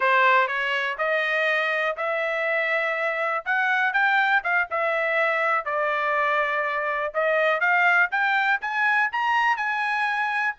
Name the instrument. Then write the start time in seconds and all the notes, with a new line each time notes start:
trumpet
0.00 C5
0.47 C#5
0.97 D#5
1.96 E5
3.45 F#5
3.93 G5
4.43 F5
4.70 E5
5.65 D5
7.14 D#5
7.60 F5
8.11 G5
8.61 G#5
9.12 A#5
9.56 G#5